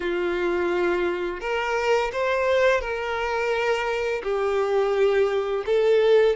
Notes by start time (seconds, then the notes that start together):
0.00 F4
1.40 A#4
2.12 C5
2.80 A#4
4.23 G4
5.66 A4